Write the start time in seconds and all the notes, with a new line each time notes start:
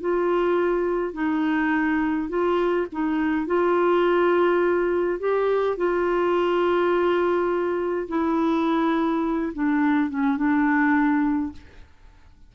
0.00 F4
1.13 D#4
2.29 F4
2.92 D#4
3.46 F4
5.19 G4
5.77 F4
8.08 E4
9.53 D4
10.10 C#4
10.37 D4